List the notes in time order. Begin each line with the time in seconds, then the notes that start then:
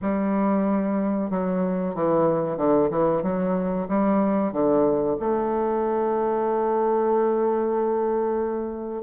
0.01 G3
1.30 F#3
1.94 E3
2.57 D3
2.90 E3
3.23 F#3
3.88 G3
4.52 D3
5.19 A3